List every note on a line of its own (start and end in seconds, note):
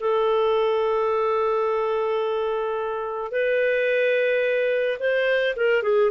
0.00 3.31 A4
3.31 4.98 B4
4.99 5.55 C5
5.56 5.83 A#4
5.83 6.11 G#4